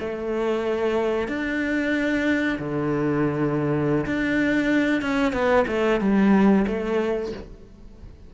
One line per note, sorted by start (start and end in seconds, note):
0.00 1.28 A3
1.28 2.58 D4
2.59 4.06 D3
4.06 5.02 D4
5.02 5.33 C#4
5.33 5.66 B3
5.68 6.01 A3
6.01 6.66 G3
6.68 7.33 A3